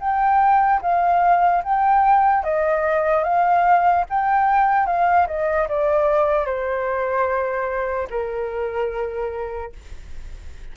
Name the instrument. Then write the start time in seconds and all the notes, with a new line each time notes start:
flute
0.00 G5
0.82 F5
1.64 G5
2.43 D#5
3.24 F5
4.09 G5
4.86 F5
5.27 D#5
5.68 D5
6.46 C5
8.10 A#4